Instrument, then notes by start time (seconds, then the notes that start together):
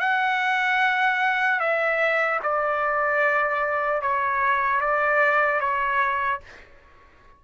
trumpet
0.00 F#5
1.60 E5
2.43 D5
4.02 C#5
4.81 D5
5.60 C#5